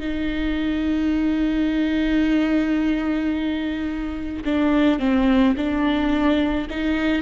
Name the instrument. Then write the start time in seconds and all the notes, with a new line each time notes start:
viola
0.00 D#4
4.45 D4
4.99 C4
5.57 D4
6.70 D#4